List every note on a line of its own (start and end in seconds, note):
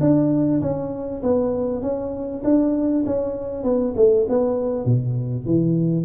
0.00 0.61 D4
0.61 1.22 C#4
1.22 1.82 B3
1.82 2.42 C#4
2.44 3.04 D4
3.06 3.63 C#4
3.63 3.94 B3
3.96 4.26 A3
4.28 4.85 B3
4.85 5.45 B2
5.45 6.05 E3